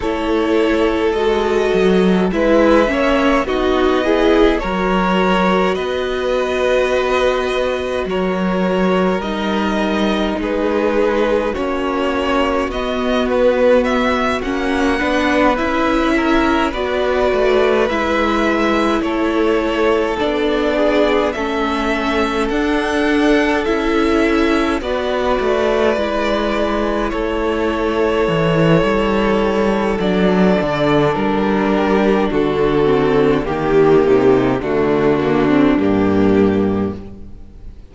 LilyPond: <<
  \new Staff \with { instrumentName = "violin" } { \time 4/4 \tempo 4 = 52 cis''4 dis''4 e''4 dis''4 | cis''4 dis''2 cis''4 | dis''4 b'4 cis''4 dis''8 b'8 | e''8 fis''4 e''4 d''4 e''8~ |
e''8 cis''4 d''4 e''4 fis''8~ | fis''8 e''4 d''2 cis''8~ | cis''2 d''4 ais'4 | a'4 g'4 fis'4 g'4 | }
  \new Staff \with { instrumentName = "violin" } { \time 4/4 a'2 b'8 cis''8 fis'8 gis'8 | ais'4 b'2 ais'4~ | ais'4 gis'4 fis'2~ | fis'4 b'4 ais'8 b'4.~ |
b'8 a'4. gis'8 a'4.~ | a'4. b'2 a'8~ | a'2.~ a'8 g'8 | fis'4 g'8 dis'8 d'2 | }
  \new Staff \with { instrumentName = "viola" } { \time 4/4 e'4 fis'4 e'8 cis'8 dis'8 e'8 | fis'1 | dis'2 cis'4 b4~ | b8 cis'8 d'8 e'4 fis'4 e'8~ |
e'4. d'4 cis'4 d'8~ | d'8 e'4 fis'4 e'4.~ | e'2 d'2~ | d'8 c'8 ais4 a8 ais16 c'16 ais4 | }
  \new Staff \with { instrumentName = "cello" } { \time 4/4 a4 gis8 fis8 gis8 ais8 b4 | fis4 b2 fis4 | g4 gis4 ais4 b4~ | b8 ais8 b8 cis'4 b8 a8 gis8~ |
gis8 a4 b4 a4 d'8~ | d'8 cis'4 b8 a8 gis4 a8~ | a8 e8 g4 fis8 d8 g4 | d4 dis8 c8 d4 g,4 | }
>>